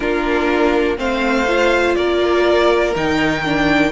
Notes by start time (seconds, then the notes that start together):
0.00 A#3 D4 F4 A#4
0.97 A3 C4 C5 F5
1.47 F4
1.95 A#3 A#4 D5
2.95 D#3 D#4 G5
3.44 D4